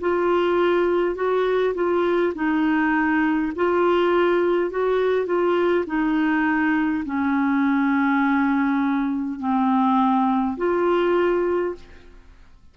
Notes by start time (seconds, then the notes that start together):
0.00 F4
1.15 F#4
1.74 F4
2.34 D#4
3.56 F4
4.70 F#4
5.26 F4
5.86 D#4
7.05 C#4
9.39 C4
10.57 F4